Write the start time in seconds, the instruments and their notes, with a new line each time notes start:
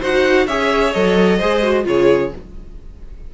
0.00 cello D#4, viola F#4, violin C5 F#5
0.47 cello C#4, viola G#4, violin C#5 E5
0.93 cello F#3, viola A4, violin D#5
1.38 cello G#3, viola G#4, violin C5
1.63 viola F#4
1.84 cello C#3, viola F4, violin G#4 C#5